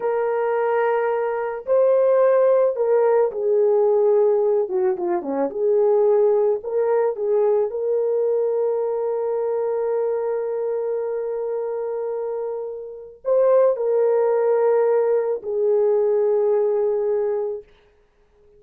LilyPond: \new Staff \with { instrumentName = "horn" } { \time 4/4 \tempo 4 = 109 ais'2. c''4~ | c''4 ais'4 gis'2~ | gis'8 fis'8 f'8 cis'8 gis'2 | ais'4 gis'4 ais'2~ |
ais'1~ | ais'1 | c''4 ais'2. | gis'1 | }